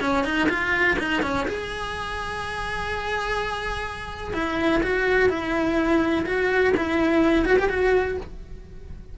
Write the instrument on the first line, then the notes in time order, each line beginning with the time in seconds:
cello
0.00 C#4
0.24 D#4
0.49 F4
0.98 D#4
1.22 C#4
1.47 G#4
4.33 E4
4.82 F#4
5.29 E4
6.25 F#4
6.76 E4
7.45 F#4
7.58 G4
7.69 F#4